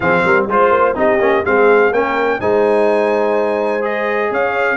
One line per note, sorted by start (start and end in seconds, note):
0.00 0.23 F3
0.00 0.49 C4
0.00 0.24 G#4
0.00 0.45 F5
0.24 0.46 G3
0.24 0.48 A#4
0.46 0.69 G#3
0.46 0.94 F4
0.46 0.97 C5
0.69 0.93 A#3
0.94 1.19 C4
0.94 1.18 D#4
0.94 1.45 G4
0.94 1.45 D#5
1.19 1.43 A#3
1.19 1.44 C#4
1.44 1.91 G#3
1.44 1.92 C4
1.44 1.92 G#4
1.44 1.93 F5
1.91 2.39 A#3
1.91 2.40 C#4
1.91 2.39 A#4
1.91 2.40 G5
2.39 4.31 G#3
2.39 3.81 D#4
2.39 4.31 C5
2.39 3.84 G#5
3.81 4.77 G#4
3.81 4.32 D#5
4.31 4.77 C#4
4.31 4.77 C#5
4.31 4.77 F5